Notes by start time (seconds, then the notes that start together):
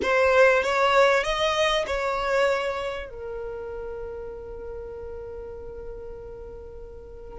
0.02 C5
0.63 C#5
1.23 D#5
1.86 C#5
3.09 A#4